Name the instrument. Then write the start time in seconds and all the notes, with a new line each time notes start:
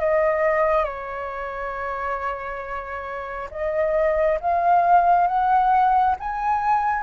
flute
0.00 D#5
0.84 C#5
3.51 D#5
4.40 F5
5.27 F#5
6.20 G#5